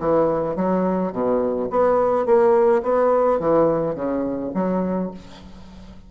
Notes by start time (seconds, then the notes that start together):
0.00 E3
0.56 F#3
1.12 B2
1.71 B3
2.26 A#3
2.83 B3
3.40 E3
3.95 C#3
4.55 F#3